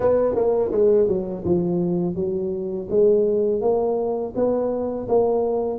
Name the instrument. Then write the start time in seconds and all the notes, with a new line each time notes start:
tuba
0.00 B3
0.35 A#3
0.71 G#3
1.07 F#3
1.44 F3
2.15 F#3
2.89 G#3
3.61 A#3
4.35 B3
5.08 A#3